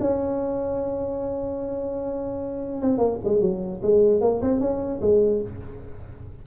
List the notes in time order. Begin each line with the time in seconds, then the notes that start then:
0.00 C#4
2.82 C4
2.98 A#3
3.24 G#3
3.41 F#3
3.83 G#3
4.21 A#3
4.41 C4
4.60 C#4
5.01 G#3